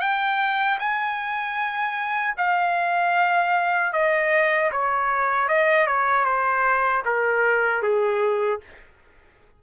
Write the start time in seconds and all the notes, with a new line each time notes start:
0.00 G5
0.79 G#5
2.37 F5
3.92 D#5
4.71 C#5
5.48 D#5
5.87 C#5
6.24 C5
7.05 A#4
7.82 G#4